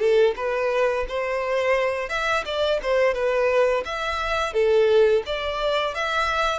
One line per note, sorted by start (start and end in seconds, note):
0.00 0.35 A4
0.37 1.07 B4
1.09 2.10 C5
2.10 2.45 E5
2.46 2.81 D5
2.83 3.15 C5
3.15 3.84 B4
3.86 4.53 E5
4.53 5.23 A4
5.26 5.95 D5
5.95 6.60 E5